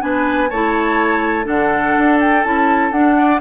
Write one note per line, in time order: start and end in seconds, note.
0.00 0.51 B3
0.00 0.48 D4
0.00 0.50 B4
0.00 0.50 G#5
0.50 1.47 A3
0.50 1.44 E4
0.50 1.46 C#5
0.50 1.47 A5
1.44 1.96 D3
1.44 2.41 D4
1.44 3.15 A4
1.44 2.20 F#5
1.98 2.45 D4
2.20 2.44 G5
2.44 2.91 C#4
2.44 2.92 E4
2.44 2.92 A5
2.91 3.40 D4
2.91 3.41 D4
2.91 3.40 F#5
3.18 3.41 D5